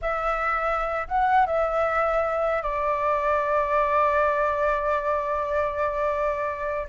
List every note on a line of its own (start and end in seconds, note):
0.01 1.07 E5
1.08 1.46 F#5
1.46 2.62 E5
2.62 6.87 D5